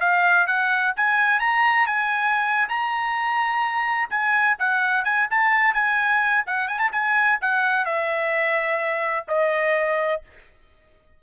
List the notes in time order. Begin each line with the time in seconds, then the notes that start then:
0.00 F5
0.47 F#5
0.96 G#5
1.39 A#5
1.86 G#5
2.68 A#5
4.10 G#5
4.59 F#5
5.04 G#5
5.30 A5
5.74 G#5
6.46 F#5
6.68 G#5
6.79 A5
6.92 G#5
7.41 F#5
7.85 E5
9.28 D#5